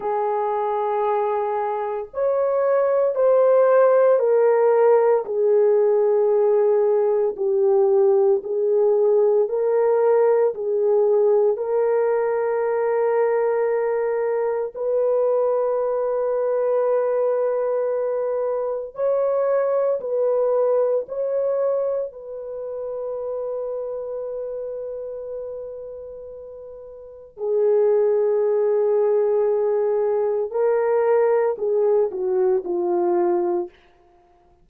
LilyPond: \new Staff \with { instrumentName = "horn" } { \time 4/4 \tempo 4 = 57 gis'2 cis''4 c''4 | ais'4 gis'2 g'4 | gis'4 ais'4 gis'4 ais'4~ | ais'2 b'2~ |
b'2 cis''4 b'4 | cis''4 b'2.~ | b'2 gis'2~ | gis'4 ais'4 gis'8 fis'8 f'4 | }